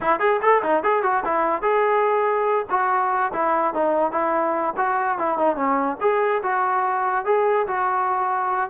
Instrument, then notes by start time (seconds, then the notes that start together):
trombone
0.01 E4
0.19 G#4
0.41 A4
0.62 D#4
0.83 G#4
1.02 F#4
1.25 E4
1.62 G#4
2.70 F#4
3.32 E4
3.74 D#4
4.11 E4
4.77 F#4
5.18 E4
5.38 D#4
5.56 C#4
6.00 G#4
6.43 F#4
7.25 G#4
7.67 F#4